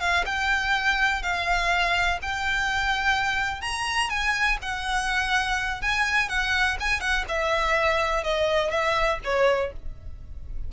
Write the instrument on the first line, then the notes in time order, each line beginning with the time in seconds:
violin
0.00 F5
0.26 G5
1.22 F5
2.22 G5
3.61 A#5
4.10 G#5
4.62 F#5
5.82 G#5
6.29 F#5
6.80 G#5
7.00 F#5
7.28 E5
8.24 D#5
8.71 E5
9.24 C#5